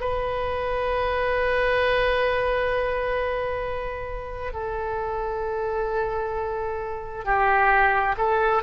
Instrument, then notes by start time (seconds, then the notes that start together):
oboe
0.00 B4
4.53 A4
7.24 G4
8.17 A4